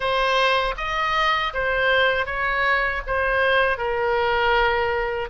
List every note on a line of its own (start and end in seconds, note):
0.00 0.74 C5
0.77 1.53 D#5
1.53 2.26 C5
2.26 3.02 C#5
3.07 3.77 C5
3.77 5.29 A#4